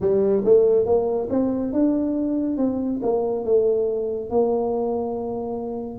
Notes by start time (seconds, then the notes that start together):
0.00 G3
0.44 A3
0.85 A#3
1.29 C4
1.72 D4
2.57 C4
3.02 A#3
3.44 A3
4.29 A#3